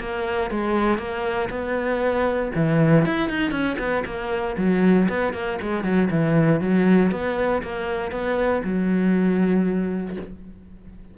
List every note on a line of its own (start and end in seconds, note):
0.00 0.51 A#3
0.51 0.98 G#3
0.98 1.49 A#3
1.50 2.52 B3
2.55 3.06 E3
3.06 3.29 E4
3.29 3.52 D#4
3.52 3.77 C#4
3.79 4.04 B3
4.06 4.57 A#3
4.58 5.08 F#3
5.09 5.34 B3
5.34 5.59 A#3
5.62 5.84 G#3
5.84 6.09 F#3
6.11 6.61 E3
6.61 7.12 F#3
7.12 7.62 B3
7.63 8.12 A#3
8.12 8.63 B3
8.65 10.17 F#3